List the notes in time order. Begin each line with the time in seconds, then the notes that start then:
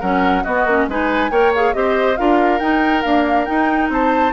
0.00 F#3 C#4 A#4 F#5
0.43 B3 F#4 D#5
0.65 A#3 C#4
0.88 G#3 D#4 B4 G#5
1.30 A#3 A#4 C#5 G5
1.55 G#4 F5
1.73 C4 G4 C5 D#5
2.17 D4 F4 A#4 F5
2.59 D#4 G5
3.02 A#3 D4 F5
3.45 D#4 G5
3.89 C4 C5 A5